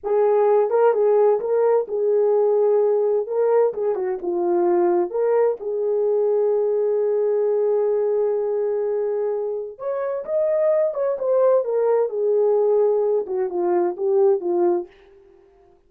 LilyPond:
\new Staff \with { instrumentName = "horn" } { \time 4/4 \tempo 4 = 129 gis'4. ais'8 gis'4 ais'4 | gis'2. ais'4 | gis'8 fis'8 f'2 ais'4 | gis'1~ |
gis'1~ | gis'4 cis''4 dis''4. cis''8 | c''4 ais'4 gis'2~ | gis'8 fis'8 f'4 g'4 f'4 | }